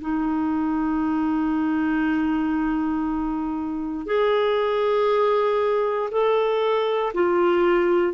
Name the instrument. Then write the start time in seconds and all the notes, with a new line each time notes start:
clarinet
0.00 D#4
4.06 G#4
6.11 A4
7.14 F4